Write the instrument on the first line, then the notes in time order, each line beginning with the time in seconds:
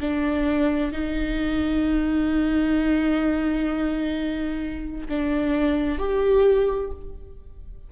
viola
0.00 D4
0.92 D#4
5.09 D4
5.98 G4